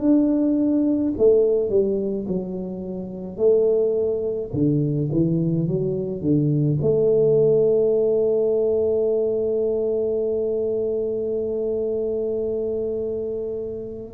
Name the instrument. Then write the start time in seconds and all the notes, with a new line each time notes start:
tuba
0.00 D4
1.18 A3
1.70 G3
2.28 F#3
3.38 A3
4.53 D3
5.12 E3
5.68 F#3
6.22 D3
6.82 A3